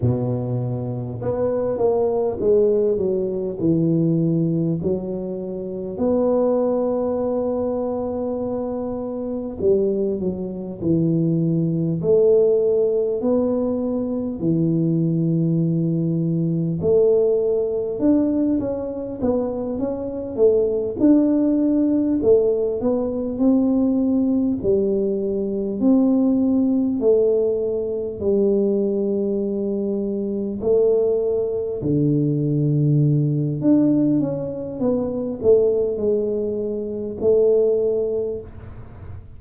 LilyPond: \new Staff \with { instrumentName = "tuba" } { \time 4/4 \tempo 4 = 50 b,4 b8 ais8 gis8 fis8 e4 | fis4 b2. | g8 fis8 e4 a4 b4 | e2 a4 d'8 cis'8 |
b8 cis'8 a8 d'4 a8 b8 c'8~ | c'8 g4 c'4 a4 g8~ | g4. a4 d4. | d'8 cis'8 b8 a8 gis4 a4 | }